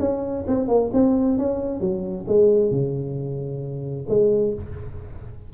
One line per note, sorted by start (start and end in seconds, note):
0.00 0.45 C#4
0.47 0.68 C4
0.68 0.91 A#3
0.94 1.38 C4
1.38 1.81 C#4
1.81 2.26 F#3
2.28 2.71 G#3
2.71 4.07 C#3
4.09 4.54 G#3